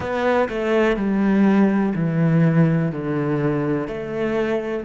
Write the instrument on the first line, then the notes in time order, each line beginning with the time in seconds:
cello
0.00 B3
0.48 A3
0.96 G3
1.95 E3
2.91 D3
3.87 A3